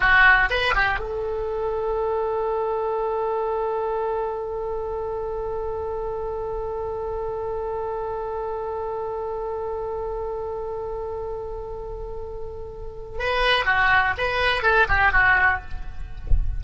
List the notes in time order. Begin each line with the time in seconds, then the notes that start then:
0.00 F#4
0.49 B4
0.74 G4
0.99 A4
13.19 B4
13.65 F#4
14.17 B4
14.63 A4
14.88 G4
15.12 F#4